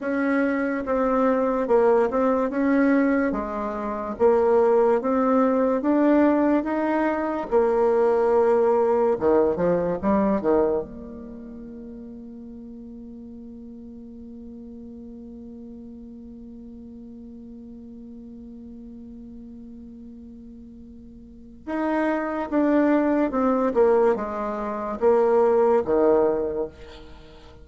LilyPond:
\new Staff \with { instrumentName = "bassoon" } { \time 4/4 \tempo 4 = 72 cis'4 c'4 ais8 c'8 cis'4 | gis4 ais4 c'4 d'4 | dis'4 ais2 dis8 f8 | g8 dis8 ais2.~ |
ais1~ | ais1~ | ais2 dis'4 d'4 | c'8 ais8 gis4 ais4 dis4 | }